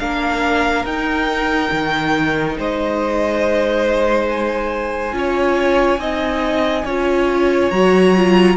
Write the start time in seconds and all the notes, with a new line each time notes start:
0.00 A#3 D4 A#4 F5
0.85 D#4 G5
1.72 D#3
2.58 G#3 C5 D#5
4.29 G#5
5.13 C#4 F4 C#5
5.98 C4 D#4 D#5
6.85 C#4 F4 C#5
7.71 F#3 F#4 A#5
8.16 F4